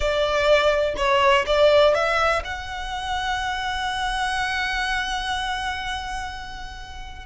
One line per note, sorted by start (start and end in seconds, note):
0.00 0.94 D5
0.96 1.45 C#5
1.46 1.94 D5
1.94 2.42 E5
2.44 7.26 F#5